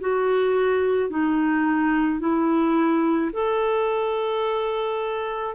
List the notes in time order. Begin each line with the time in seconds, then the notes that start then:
0.00 F#4
1.10 D#4
2.20 E4
3.33 A4